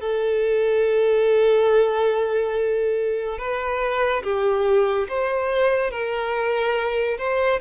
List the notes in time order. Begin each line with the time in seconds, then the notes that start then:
0.00 A4
3.38 B4
4.23 G4
5.08 C5
5.91 A#4
7.18 C5